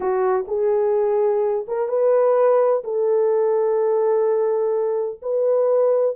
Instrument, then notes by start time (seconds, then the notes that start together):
horn
0.00 F#4
0.47 G#4
1.67 A#4
1.88 B4
2.84 A4
5.22 B4